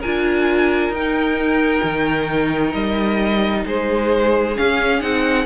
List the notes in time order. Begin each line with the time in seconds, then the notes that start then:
0.00 F4 A#4 G#5
0.07 D4
0.90 D#4 G5
1.84 D#3
2.73 G3 D#5
3.67 G#3 G#4 C5
4.56 C#4 F5
5.02 C4 D#4 F#5